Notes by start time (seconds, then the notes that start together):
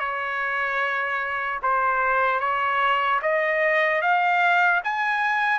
0.00 C#5
1.63 C5
2.40 C#5
3.22 D#5
4.02 F5
4.84 G#5